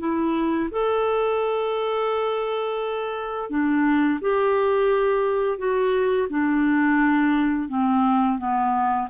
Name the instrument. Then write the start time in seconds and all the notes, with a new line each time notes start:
clarinet
0.00 E4
0.71 A4
3.50 D4
4.21 G4
5.58 F#4
6.30 D4
7.69 C4
8.38 B3